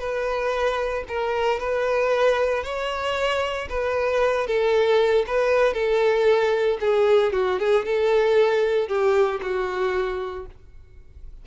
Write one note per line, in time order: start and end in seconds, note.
0.00 1.04 B4
1.08 1.60 A#4
1.60 2.64 B4
2.64 3.68 C#5
3.70 4.47 B4
4.47 5.26 A4
5.27 5.74 B4
5.74 6.78 A4
6.81 7.33 G#4
7.33 7.59 F#4
7.59 7.85 G#4
7.85 8.88 A4
8.88 9.41 G4
9.42 10.47 F#4